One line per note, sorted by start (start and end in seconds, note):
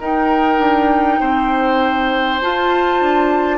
0.00 0.58 D#4
0.00 2.41 D#4
0.00 1.20 A#4
0.00 2.41 G5
0.58 1.19 D4
1.20 2.41 C4
1.20 3.58 C5
2.41 3.58 F4
2.41 3.01 F4
2.41 3.58 A5
3.01 3.58 D4